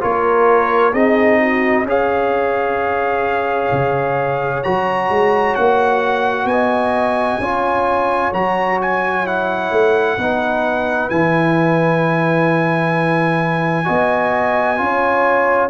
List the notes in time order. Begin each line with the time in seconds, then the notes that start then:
0.00 A#3 F4 A#4 C#5
0.93 C4 D#4 G#4 D#5
1.40 F#4
1.84 C#4 G#4 C#5 F5
3.72 C#3
4.63 F#3 F#4 A#5
5.09 G#3
5.55 A#3 F#5
6.45 B3 D#5 G#5
7.39 C#4 F4 C#5
8.32 F#3 F#4 A#5
8.81 G#5
9.25 E4 F#5
9.71 A3
10.17 B3 D#4 B4
11.09 E3 E4 G#5
13.84 B3 F#4 D#5
14.77 C#4 F4 C#5